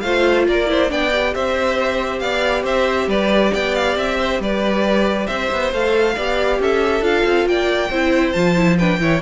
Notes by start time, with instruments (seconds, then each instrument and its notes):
0.00 cello A3, viola F4, violin C5 F5
0.47 cello A#3, violin A#4 D5
0.67 viola E4, violin C5
0.88 cello B3, viola D4, violin D5 G5
1.12 viola G4
1.34 cello C4, violin C5 E5
2.19 cello B3, violin D5 F5
2.63 cello C4, violin C5 E5
3.07 cello G3, violin B4 D5
3.51 cello B3, violin D5 G5
3.75 violin F5
3.96 cello C4, violin E5
4.19 violin C5
4.39 cello G3, violin B4 D5
5.27 cello C4, violin C5 E5
5.51 cello B3
5.73 cello A3, viola A4, violin F5
6.15 cello B3, viola G4, violin D5
6.59 cello C#4, violin A4 E5
7.01 cello D4, viola F4, violin F5
7.25 cello C4
7.46 cello A#3, violin D5 G5
7.90 cello C4, viola E4, violin C5
8.32 cello F3, viola F4, violin A5
8.55 viola E4
8.77 viola D4, violin B4 G5
8.99 cello E3, viola E4, violin C#5